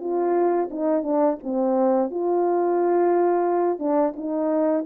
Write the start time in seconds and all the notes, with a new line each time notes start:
0.00 F4
0.70 D#4
1.03 D4
1.43 C4
2.10 F4
3.79 D4
4.16 D#4